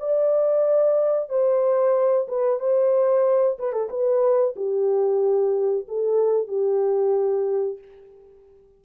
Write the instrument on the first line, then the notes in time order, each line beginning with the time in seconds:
horn
0.00 D5
1.30 C5
2.28 B4
2.60 C5
3.59 B4
3.73 A4
3.90 B4
4.56 G4
5.88 A4
6.48 G4